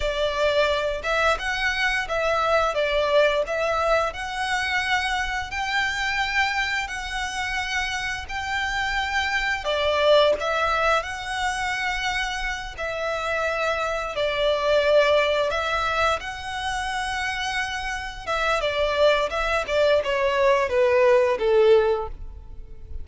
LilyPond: \new Staff \with { instrumentName = "violin" } { \time 4/4 \tempo 4 = 87 d''4. e''8 fis''4 e''4 | d''4 e''4 fis''2 | g''2 fis''2 | g''2 d''4 e''4 |
fis''2~ fis''8 e''4.~ | e''8 d''2 e''4 fis''8~ | fis''2~ fis''8 e''8 d''4 | e''8 d''8 cis''4 b'4 a'4 | }